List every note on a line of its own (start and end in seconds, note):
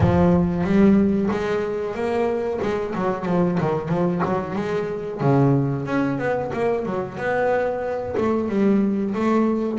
0.00 0.63 F3
0.63 1.29 G3
1.31 1.94 G#3
1.94 2.59 A#3
2.61 2.94 G#3
2.95 3.25 F#3
3.25 3.58 F3
3.60 3.88 D#3
3.88 4.21 F3
4.25 4.55 F#3
4.55 5.20 G#3
5.21 5.86 C#3
5.86 6.18 C#4
6.18 6.51 B3
6.53 6.85 A#3
6.85 7.17 F#3
7.17 8.15 B3
8.17 8.48 A3
8.48 9.14 G3
9.14 9.78 A3